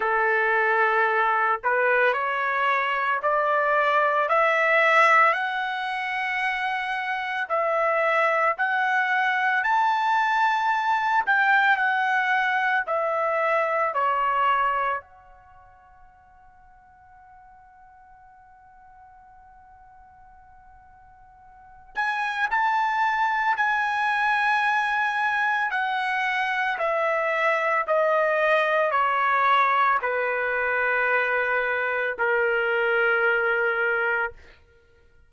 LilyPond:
\new Staff \with { instrumentName = "trumpet" } { \time 4/4 \tempo 4 = 56 a'4. b'8 cis''4 d''4 | e''4 fis''2 e''4 | fis''4 a''4. g''8 fis''4 | e''4 cis''4 fis''2~ |
fis''1~ | fis''8 gis''8 a''4 gis''2 | fis''4 e''4 dis''4 cis''4 | b'2 ais'2 | }